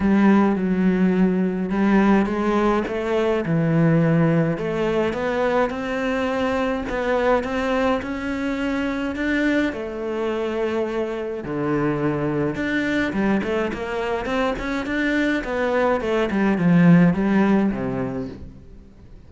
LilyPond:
\new Staff \with { instrumentName = "cello" } { \time 4/4 \tempo 4 = 105 g4 fis2 g4 | gis4 a4 e2 | a4 b4 c'2 | b4 c'4 cis'2 |
d'4 a2. | d2 d'4 g8 a8 | ais4 c'8 cis'8 d'4 b4 | a8 g8 f4 g4 c4 | }